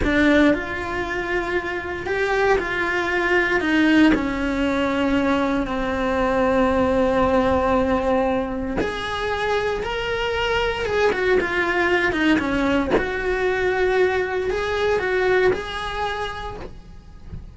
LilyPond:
\new Staff \with { instrumentName = "cello" } { \time 4/4 \tempo 4 = 116 d'4 f'2. | g'4 f'2 dis'4 | cis'2. c'4~ | c'1~ |
c'4 gis'2 ais'4~ | ais'4 gis'8 fis'8 f'4. dis'8 | cis'4 fis'2. | gis'4 fis'4 gis'2 | }